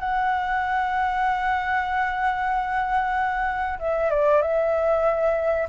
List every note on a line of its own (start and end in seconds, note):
0.00 3.79 F#5
3.79 4.10 E5
4.10 4.42 D5
4.42 5.68 E5